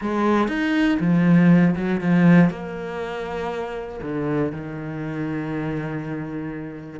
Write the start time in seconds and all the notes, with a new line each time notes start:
0.01 G#3
0.48 D#4
1.00 F3
1.75 F#3
2.00 F3
2.50 A#3
4.02 D3
4.51 D#3